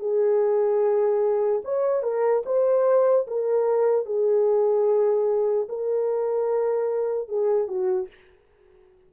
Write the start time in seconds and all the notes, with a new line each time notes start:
0.00 G#4
1.64 C#5
2.03 A#4
2.45 C5
3.28 A#4
4.06 G#4
5.69 A#4
7.29 G#4
7.68 F#4